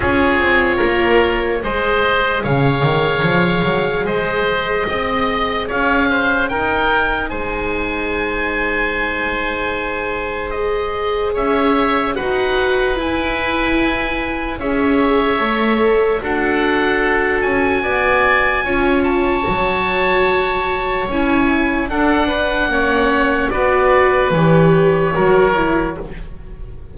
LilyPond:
<<
  \new Staff \with { instrumentName = "oboe" } { \time 4/4 \tempo 4 = 74 cis''2 dis''4 f''4~ | f''4 dis''2 f''4 | g''4 gis''2.~ | gis''4 dis''4 e''4 fis''4 |
gis''2 e''2 | fis''4. gis''2 a''8~ | a''2 gis''4 fis''4~ | fis''4 d''4 cis''2 | }
  \new Staff \with { instrumentName = "oboe" } { \time 4/4 gis'4 ais'4 c''4 cis''4~ | cis''4 c''4 dis''4 cis''8 c''8 | ais'4 c''2.~ | c''2 cis''4 b'4~ |
b'2 cis''2 | a'2 d''4 cis''4~ | cis''2. a'8 b'8 | cis''4 b'2 ais'4 | }
  \new Staff \with { instrumentName = "viola" } { \time 4/4 f'2 gis'2~ | gis'1 | dis'1~ | dis'4 gis'2 fis'4 |
e'2 gis'4 a'4 | fis'2. f'4 | fis'2 e'4 d'4 | cis'4 fis'4 g'4 fis'8 e'8 | }
  \new Staff \with { instrumentName = "double bass" } { \time 4/4 cis'8 c'8 ais4 gis4 cis8 dis8 | f8 fis8 gis4 c'4 cis'4 | dis'4 gis2.~ | gis2 cis'4 dis'4 |
e'2 cis'4 a4 | d'4. cis'8 b4 cis'4 | fis2 cis'4 d'4 | ais4 b4 e4 fis4 | }
>>